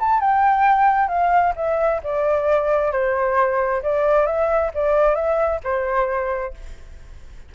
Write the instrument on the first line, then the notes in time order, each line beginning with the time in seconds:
flute
0.00 A5
0.21 G5
1.08 F5
1.56 E5
2.04 D5
2.92 C5
3.83 D5
4.26 E5
4.75 D5
5.15 E5
5.64 C5